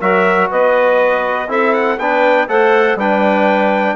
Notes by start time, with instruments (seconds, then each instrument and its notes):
0.00 bassoon F#3, trombone F#4, clarinet A#4, trumpet E5
0.50 bassoon B3, clarinet B4, trumpet D#5
1.48 bassoon C4, trombone E4, clarinet A4, trumpet E5
1.73 trumpet F#5
1.98 bassoon B3, trombone D4, clarinet B4, trumpet G5
2.48 bassoon A3, trombone A4, clarinet C5, trumpet F#5
2.95 bassoon G3, trombone D4, clarinet B4, trumpet G5